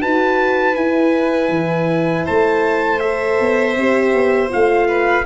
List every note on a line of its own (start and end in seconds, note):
0.00 0.77 D#4
0.00 0.75 F#4
0.00 2.25 B4
0.00 0.75 A5
0.75 1.49 E4
0.75 3.01 E4
0.75 2.25 G#5
1.49 2.24 E3
2.25 3.40 A3
2.25 4.87 C5
2.25 3.00 A5
3.00 3.76 A4
3.00 4.50 E5
3.40 3.76 B3
3.76 4.13 C4
3.76 4.49 G4
4.14 4.51 B3
4.49 5.25 A3
4.49 5.24 F4
4.49 5.25 F5
4.88 5.25 B4